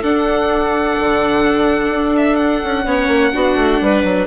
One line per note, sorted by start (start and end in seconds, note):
0.00 2.86 D4
0.00 0.98 D4
0.00 2.83 A4
0.00 2.16 F#5
0.99 1.90 D3
1.90 2.61 D4
2.16 2.36 E5
2.36 4.25 F#5
2.63 2.85 C#4
2.84 3.07 B3
2.84 3.32 C#4
2.84 3.31 C#5
3.07 3.31 A#3
3.32 3.55 B3
3.32 4.26 D4
3.32 3.80 F#4
3.55 3.79 A3
3.80 4.03 G3
3.80 4.26 B4
4.03 4.26 F#3